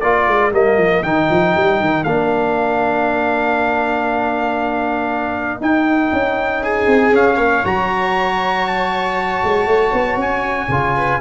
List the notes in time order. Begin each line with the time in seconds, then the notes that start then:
0.00 A#3 F4 A#4 D5
0.27 G#3
0.52 G3 A#3 D#5
0.77 F3
1.02 D#3 D#4 G5
1.30 F3
1.56 G3
1.80 D#3
2.04 A#3 D4 F5
5.60 D#4 G5
6.12 C#4
6.63 G#4 G#5
6.86 C4
7.12 C#4 F5
7.36 A#3 C#5
7.63 F#3 F#4 A#5
8.66 A5
9.43 G#3
9.66 A3
9.93 B3
10.16 C#4 G#5
10.68 C#3 F4
10.95 B4